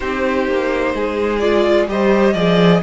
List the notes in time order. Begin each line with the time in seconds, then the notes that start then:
0.00 C4 D#4 G4 C5
0.47 A#3
0.94 G#3 G#4
1.39 F4 D5
1.87 G3 G4 C5 D#5
2.33 F3 G#4 D5